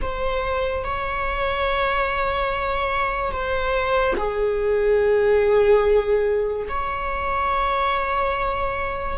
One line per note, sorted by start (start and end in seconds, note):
0.01 0.84 C5
0.84 3.31 C#5
3.31 4.14 C5
4.17 6.67 G#4
6.68 9.18 C#5